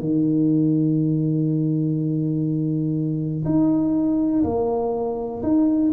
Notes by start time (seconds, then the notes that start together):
0.00 D#3
3.45 D#4
4.44 A#3
5.43 D#4